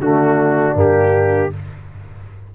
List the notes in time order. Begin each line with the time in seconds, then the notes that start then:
0.00 D3 A3 D4 F#4
0.75 G2 A#3 G4